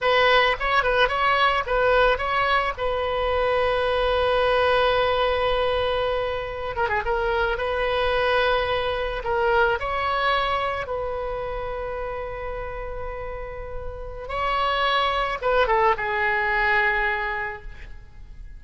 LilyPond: \new Staff \with { instrumentName = "oboe" } { \time 4/4 \tempo 4 = 109 b'4 cis''8 b'8 cis''4 b'4 | cis''4 b'2.~ | b'1~ | b'16 ais'16 gis'16 ais'4 b'2~ b'16~ |
b'8. ais'4 cis''2 b'16~ | b'1~ | b'2 cis''2 | b'8 a'8 gis'2. | }